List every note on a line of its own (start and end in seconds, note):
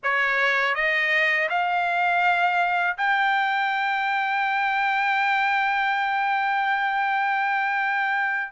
0.03 0.74 C#5
0.74 1.48 D#5
1.48 2.97 F5
2.97 8.51 G5